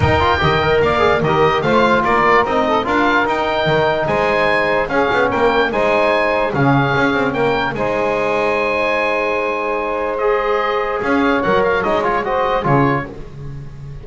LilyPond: <<
  \new Staff \with { instrumentName = "oboe" } { \time 4/4 \tempo 4 = 147 g''2 f''4 dis''4 | f''4 d''4 dis''4 f''4 | g''2 gis''2 | f''4 g''4 gis''2 |
f''2 g''4 gis''4~ | gis''1~ | gis''4 dis''2 f''4 | fis''8 f''8 dis''8 cis''8 dis''4 cis''4 | }
  \new Staff \with { instrumentName = "saxophone" } { \time 4/4 ais'4 dis''4 d''4 ais'4 | c''4 ais'4. a'8 ais'4~ | ais'2 c''2 | gis'4 ais'4 c''2 |
gis'2 ais'4 c''4~ | c''1~ | c''2. cis''4~ | cis''2 c''4 gis'4 | }
  \new Staff \with { instrumentName = "trombone" } { \time 4/4 dis'8 f'8 g'8 ais'4 gis'8 g'4 | f'2 dis'4 f'4 | dis'1 | cis'2 dis'2 |
cis'2. dis'4~ | dis'1~ | dis'4 gis'2. | ais'4 dis'8 f'8 fis'4 f'4 | }
  \new Staff \with { instrumentName = "double bass" } { \time 4/4 dis'4 dis4 ais4 dis4 | a4 ais4 c'4 d'4 | dis'4 dis4 gis2 | cis'8 b8 ais4 gis2 |
cis4 cis'8 c'8 ais4 gis4~ | gis1~ | gis2. cis'4 | fis4 gis2 cis4 | }
>>